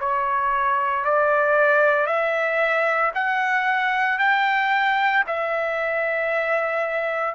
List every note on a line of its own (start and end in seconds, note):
0.00 1.05 C#5
1.05 2.07 D5
2.07 3.12 E5
3.15 4.19 F#5
4.19 5.24 G5
5.27 7.35 E5